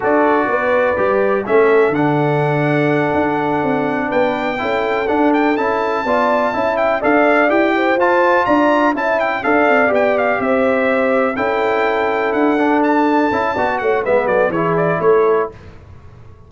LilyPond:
<<
  \new Staff \with { instrumentName = "trumpet" } { \time 4/4 \tempo 4 = 124 d''2. e''4 | fis''1~ | fis''8 g''2 fis''8 g''8 a''8~ | a''2 g''8 f''4 g''8~ |
g''8 a''4 ais''4 a''8 g''8 f''8~ | f''8 g''8 f''8 e''2 g''8~ | g''4. fis''4 a''4.~ | a''8 fis''8 e''8 d''8 cis''8 d''8 cis''4 | }
  \new Staff \with { instrumentName = "horn" } { \time 4/4 a'4 b'2 a'4~ | a'1~ | a'8 b'4 a'2~ a'8~ | a'8 d''4 e''4 d''4. |
c''4. d''4 e''4 d''8~ | d''4. c''2 a'8~ | a'1 | d''8 cis''8 b'8 a'8 gis'4 a'4 | }
  \new Staff \with { instrumentName = "trombone" } { \time 4/4 fis'2 g'4 cis'4 | d'1~ | d'4. e'4 d'4 e'8~ | e'8 f'4 e'4 a'4 g'8~ |
g'8 f'2 e'4 a'8~ | a'8 g'2. e'8~ | e'2 d'4. e'8 | fis'4 b4 e'2 | }
  \new Staff \with { instrumentName = "tuba" } { \time 4/4 d'4 b4 g4 a4 | d2~ d8 d'4 c'8~ | c'8 b4 cis'4 d'4 cis'8~ | cis'8 b4 cis'4 d'4 e'8~ |
e'8 f'4 d'4 cis'4 d'8 | c'8 b4 c'2 cis'8~ | cis'4. d'2 cis'8 | b8 a8 gis8 fis8 e4 a4 | }
>>